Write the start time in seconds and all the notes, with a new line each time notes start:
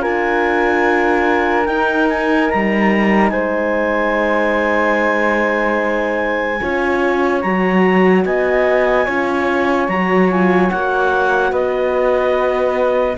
0.00 D4 F4 A#4 G#5
1.66 D#4 G5
2.09 G#5
2.50 G3 A#5
3.30 G#3 C5 G#5
6.61 C#4 F4 C#5
7.41 F#3 F#4 A#5
8.25 B3 D#5 G#5
9.05 C#4 F4 C#5
9.88 F#3 F#4 A#5
10.30 F4 G#5
10.70 A#3 F#4 F#5
11.52 B3 B4 D#5